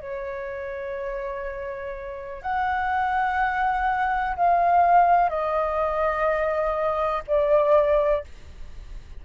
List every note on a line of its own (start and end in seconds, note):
0.00 2.42 C#5
2.42 4.36 F#5
4.36 5.29 F5
5.29 7.23 D#5
7.28 8.24 D5